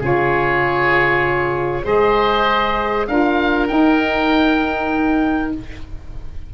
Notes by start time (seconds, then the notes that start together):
0.00 C#3 F4 G#4 C#5
1.84 G#3 G#4 C5 D#5
3.07 D4 F4 A#4 F5
3.68 D#4 G5